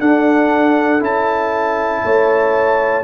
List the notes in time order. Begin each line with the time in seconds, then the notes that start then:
0.00 D4 A4 F#5
1.00 C#4 E4 A5
2.04 A3 C#5